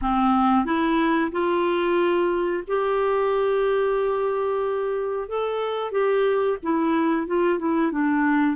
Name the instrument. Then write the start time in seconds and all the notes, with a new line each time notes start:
clarinet
0.01 C4
0.65 E4
1.31 F4
2.67 G4
5.28 A4
5.91 G4
6.62 E4
7.26 F4
7.58 E4
7.91 D4